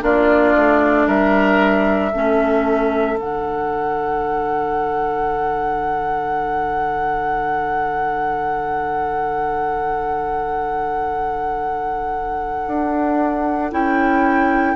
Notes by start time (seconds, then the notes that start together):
0.00 A#3 D4 F4 D5
0.56 A3
1.06 G3 A#4 E5
2.12 A3 C#4 A4
3.16 D3 D4 F#5
12.67 D4
13.71 C#4 E4 G5